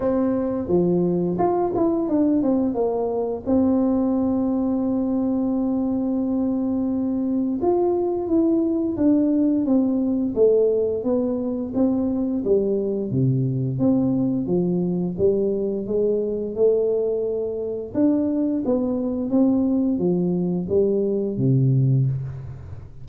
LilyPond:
\new Staff \with { instrumentName = "tuba" } { \time 4/4 \tempo 4 = 87 c'4 f4 f'8 e'8 d'8 c'8 | ais4 c'2.~ | c'2. f'4 | e'4 d'4 c'4 a4 |
b4 c'4 g4 c4 | c'4 f4 g4 gis4 | a2 d'4 b4 | c'4 f4 g4 c4 | }